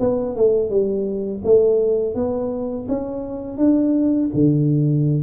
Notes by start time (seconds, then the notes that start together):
0.00 B3
0.36 A3
0.70 G3
1.45 A3
2.15 B3
2.88 C#4
3.58 D4
4.34 D3